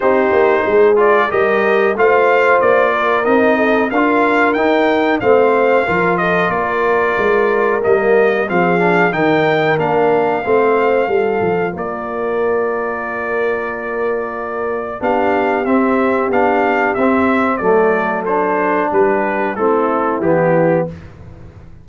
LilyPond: <<
  \new Staff \with { instrumentName = "trumpet" } { \time 4/4 \tempo 4 = 92 c''4. d''8 dis''4 f''4 | d''4 dis''4 f''4 g''4 | f''4. dis''8 d''2 | dis''4 f''4 g''4 f''4~ |
f''2 d''2~ | d''2. f''4 | e''4 f''4 e''4 d''4 | c''4 b'4 a'4 g'4 | }
  \new Staff \with { instrumentName = "horn" } { \time 4/4 g'4 gis'4 ais'4 c''4~ | c''8 ais'4 a'8 ais'2 | c''4 ais'8 a'8 ais'2~ | ais'4 gis'4 ais'2 |
c''4 a'4 ais'2~ | ais'2. g'4~ | g'2. a'4~ | a'4 g'4 e'2 | }
  \new Staff \with { instrumentName = "trombone" } { \time 4/4 dis'4. f'8 g'4 f'4~ | f'4 dis'4 f'4 dis'4 | c'4 f'2. | ais4 c'8 d'8 dis'4 d'4 |
c'4 f'2.~ | f'2. d'4 | c'4 d'4 c'4 a4 | d'2 c'4 b4 | }
  \new Staff \with { instrumentName = "tuba" } { \time 4/4 c'8 ais8 gis4 g4 a4 | ais4 c'4 d'4 dis'4 | a4 f4 ais4 gis4 | g4 f4 dis4 ais4 |
a4 g8 f8 ais2~ | ais2. b4 | c'4 b4 c'4 fis4~ | fis4 g4 a4 e4 | }
>>